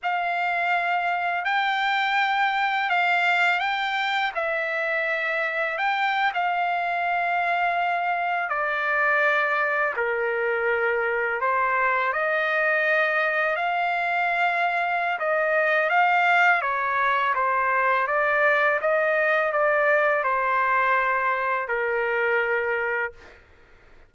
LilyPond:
\new Staff \with { instrumentName = "trumpet" } { \time 4/4 \tempo 4 = 83 f''2 g''2 | f''4 g''4 e''2 | g''8. f''2. d''16~ | d''4.~ d''16 ais'2 c''16~ |
c''8. dis''2 f''4~ f''16~ | f''4 dis''4 f''4 cis''4 | c''4 d''4 dis''4 d''4 | c''2 ais'2 | }